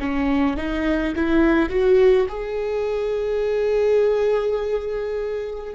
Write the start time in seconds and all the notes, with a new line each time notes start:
0.00 C#4
0.57 D#4
1.16 E4
1.70 F#4
2.29 G#4